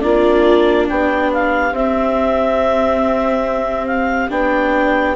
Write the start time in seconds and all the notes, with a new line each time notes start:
0.00 A#3 D4 F4 D5
0.88 B3 G4 G5
1.33 F5
1.71 C4 E5
3.86 F5
4.29 B3 D4 G5